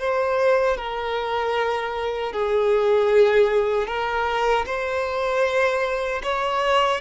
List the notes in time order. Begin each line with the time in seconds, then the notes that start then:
0.00 C5
0.77 A#4
2.33 G#4
3.87 A#4
4.66 C5
6.23 C#5